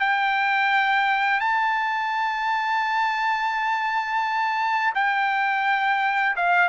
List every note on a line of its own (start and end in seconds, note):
0.00 1.41 G5
1.41 4.93 A5
4.95 6.36 G5
6.37 6.69 F5